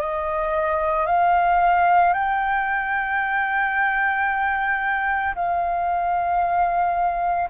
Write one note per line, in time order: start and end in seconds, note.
0.00 1.06 D#5
1.06 2.13 F5
2.13 5.34 G5
5.35 7.49 F5